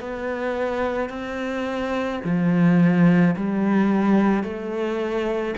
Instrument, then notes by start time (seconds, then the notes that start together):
cello
0.00 B3
1.09 C4
2.24 F3
3.36 G3
4.43 A3